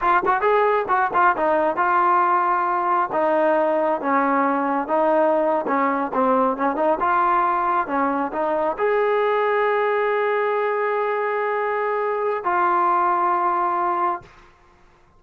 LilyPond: \new Staff \with { instrumentName = "trombone" } { \time 4/4 \tempo 4 = 135 f'8 fis'8 gis'4 fis'8 f'8 dis'4 | f'2. dis'4~ | dis'4 cis'2 dis'4~ | dis'8. cis'4 c'4 cis'8 dis'8 f'16~ |
f'4.~ f'16 cis'4 dis'4 gis'16~ | gis'1~ | gis'1 | f'1 | }